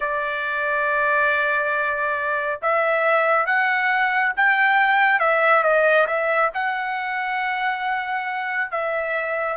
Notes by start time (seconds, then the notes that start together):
0.00 D5
2.62 E5
3.45 F#5
4.36 G5
5.19 E5
5.63 D#5
6.07 E5
6.53 F#5
8.71 E5